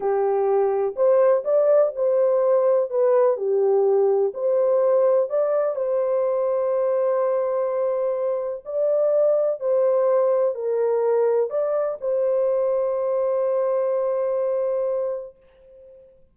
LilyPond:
\new Staff \with { instrumentName = "horn" } { \time 4/4 \tempo 4 = 125 g'2 c''4 d''4 | c''2 b'4 g'4~ | g'4 c''2 d''4 | c''1~ |
c''2 d''2 | c''2 ais'2 | d''4 c''2.~ | c''1 | }